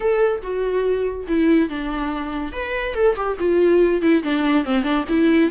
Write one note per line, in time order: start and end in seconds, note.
0.00 0.41 A4
0.42 1.26 F#4
1.27 1.69 E4
1.69 2.52 D4
2.52 2.94 B4
2.94 3.15 A4
3.16 3.37 G4
3.39 4.01 F4
4.01 4.23 E4
4.23 4.64 D4
4.64 4.83 C4
4.83 5.04 D4
5.08 5.50 E4